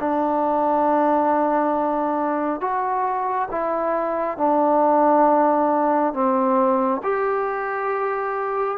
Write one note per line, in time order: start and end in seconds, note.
0.00 2.61 D4
2.61 3.49 F#4
3.51 4.38 E4
4.38 6.14 D4
6.14 7.02 C4
7.03 8.78 G4